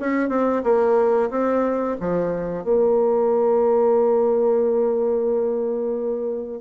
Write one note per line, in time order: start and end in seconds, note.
0.00 0.29 C#4
0.29 0.62 C4
0.63 1.30 A#3
1.30 1.97 C4
2.00 2.64 F3
2.64 6.61 A#3